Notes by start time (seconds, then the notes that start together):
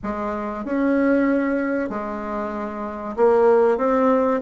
0.03 G#3
0.64 C#4
1.89 G#3
3.16 A#3
3.77 C4